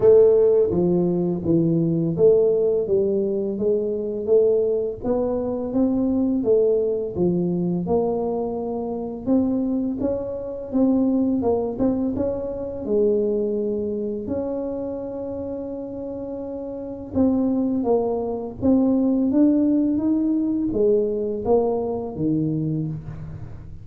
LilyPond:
\new Staff \with { instrumentName = "tuba" } { \time 4/4 \tempo 4 = 84 a4 f4 e4 a4 | g4 gis4 a4 b4 | c'4 a4 f4 ais4~ | ais4 c'4 cis'4 c'4 |
ais8 c'8 cis'4 gis2 | cis'1 | c'4 ais4 c'4 d'4 | dis'4 gis4 ais4 dis4 | }